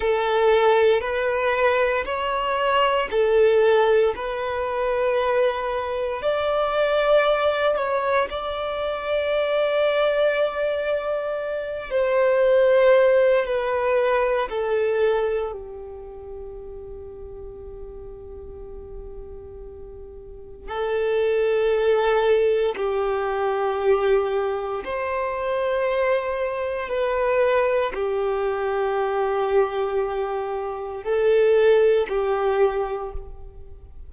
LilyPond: \new Staff \with { instrumentName = "violin" } { \time 4/4 \tempo 4 = 58 a'4 b'4 cis''4 a'4 | b'2 d''4. cis''8 | d''2.~ d''8 c''8~ | c''4 b'4 a'4 g'4~ |
g'1 | a'2 g'2 | c''2 b'4 g'4~ | g'2 a'4 g'4 | }